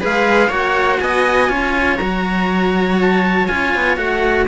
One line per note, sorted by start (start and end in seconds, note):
0.00 0.49 G#3
0.00 0.50 G#4
0.00 0.49 B4
0.00 0.53 F5
0.49 0.99 A#3
0.49 1.49 F#4
0.49 0.98 C#5
0.49 1.00 F#5
1.00 1.50 B3
1.00 1.50 D#5
1.00 1.97 G#5
1.49 1.99 C#4
1.49 1.99 F4
1.49 4.47 C#5
1.97 3.48 F#3
1.97 3.48 F#4
1.97 2.96 A#5
3.02 3.47 A5
3.47 3.75 C#4
3.47 3.97 F4
3.47 3.97 G#5
3.75 3.97 B3
3.97 4.47 A3
3.97 4.46 F#4
3.97 4.47 F#5